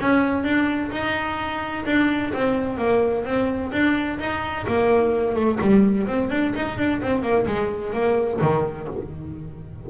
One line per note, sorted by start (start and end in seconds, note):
0.00 0.43 C#4
0.43 0.90 D4
0.91 1.85 D#4
1.85 2.32 D4
2.33 2.77 C4
2.77 3.24 A#3
3.25 3.71 C4
3.72 4.18 D4
4.19 4.66 D#4
4.67 5.35 A#3
5.35 5.58 A3
5.61 6.07 G3
6.07 6.30 C4
6.30 6.53 D4
6.55 6.77 D#4
6.77 7.01 D4
7.01 7.22 C4
7.22 7.46 A#3
7.46 7.93 G#3
7.93 8.40 A#3
8.41 8.88 D#3